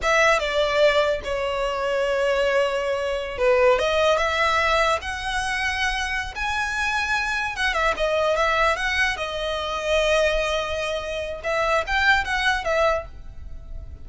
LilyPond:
\new Staff \with { instrumentName = "violin" } { \time 4/4 \tempo 4 = 147 e''4 d''2 cis''4~ | cis''1~ | cis''16 b'4 dis''4 e''4.~ e''16~ | e''16 fis''2.~ fis''16 gis''8~ |
gis''2~ gis''8 fis''8 e''8 dis''8~ | dis''8 e''4 fis''4 dis''4.~ | dis''1 | e''4 g''4 fis''4 e''4 | }